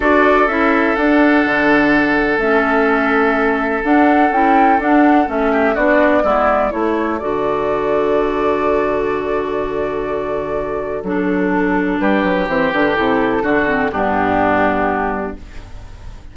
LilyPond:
<<
  \new Staff \with { instrumentName = "flute" } { \time 4/4 \tempo 4 = 125 d''4 e''4 fis''2~ | fis''4 e''2. | fis''4 g''4 fis''4 e''4 | d''2 cis''4 d''4~ |
d''1~ | d''2. a'4~ | a'4 b'4 c''8 b'8 a'4~ | a'4 g'2. | }
  \new Staff \with { instrumentName = "oboe" } { \time 4/4 a'1~ | a'1~ | a'2.~ a'8 g'8 | fis'4 e'4 a'2~ |
a'1~ | a'1~ | a'4 g'2. | fis'4 d'2. | }
  \new Staff \with { instrumentName = "clarinet" } { \time 4/4 fis'4 e'4 d'2~ | d'4 cis'2. | d'4 e'4 d'4 cis'4 | d'4 b4 e'4 fis'4~ |
fis'1~ | fis'2. d'4~ | d'2 c'8 d'8 e'4 | d'8 c'8 b2. | }
  \new Staff \with { instrumentName = "bassoon" } { \time 4/4 d'4 cis'4 d'4 d4~ | d4 a2. | d'4 cis'4 d'4 a4 | b4 gis4 a4 d4~ |
d1~ | d2. fis4~ | fis4 g8 fis8 e8 d8 c4 | d4 g,2. | }
>>